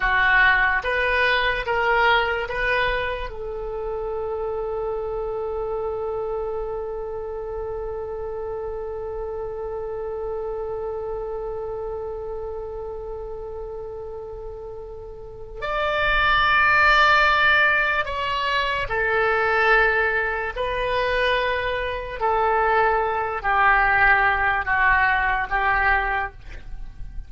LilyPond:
\new Staff \with { instrumentName = "oboe" } { \time 4/4 \tempo 4 = 73 fis'4 b'4 ais'4 b'4 | a'1~ | a'1~ | a'1~ |
a'2. d''4~ | d''2 cis''4 a'4~ | a'4 b'2 a'4~ | a'8 g'4. fis'4 g'4 | }